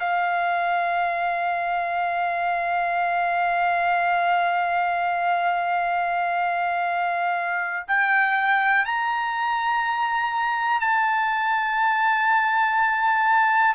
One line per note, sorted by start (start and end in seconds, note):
0.00 7.87 F5
7.88 8.86 G5
8.86 10.81 A#5
10.81 13.75 A5